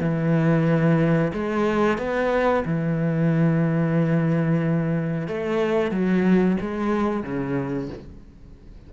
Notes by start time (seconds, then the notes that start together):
0.00 E3
1.33 G#3
1.98 B3
2.65 E3
5.27 A3
5.91 F#3
6.61 G#3
7.23 C#3